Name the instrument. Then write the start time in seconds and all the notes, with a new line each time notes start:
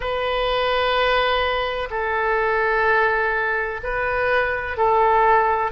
oboe
0.00 B4
1.90 A4
3.83 B4
4.77 A4